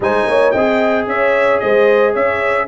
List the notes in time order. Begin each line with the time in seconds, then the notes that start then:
0.00 G#3 D#4 C5 G#5
0.26 A#3 C#5
0.51 C4 G#4 D#5 G5
1.06 C#4 C#5 E5
1.59 G#3 C5 D#5
2.12 C#4 C#5 E5